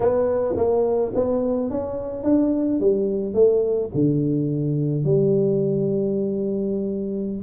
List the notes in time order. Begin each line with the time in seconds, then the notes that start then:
0.00 B3
0.56 A#3
1.14 B3
1.70 C#4
2.23 D4
2.80 G3
3.34 A3
3.94 D3
5.04 G3